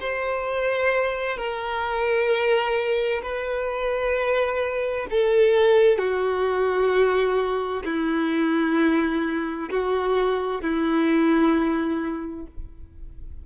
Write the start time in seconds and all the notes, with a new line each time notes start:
0.00 C5
1.37 A#4
3.22 B4
5.10 A4
5.98 F#4
7.85 E4
9.70 F#4
10.62 E4